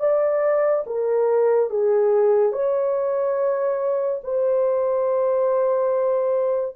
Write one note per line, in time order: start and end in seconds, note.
0.00 0.85 D5
0.86 1.71 A#4
1.71 2.53 G#4
2.53 4.22 C#5
4.24 6.76 C5